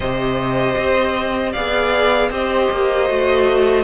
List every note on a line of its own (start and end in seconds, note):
0.00 0.74 C3
0.00 1.57 G4
0.00 1.52 C5
0.00 1.52 D#5
0.77 1.54 C4
1.52 2.29 B3
1.52 2.31 G#4
1.52 2.29 D5
1.52 2.29 F5
2.29 2.67 C4
2.29 3.08 G4
2.29 3.83 C5
2.29 3.83 D#5
2.71 3.09 A#3
3.08 3.83 A3
3.08 3.83 F#4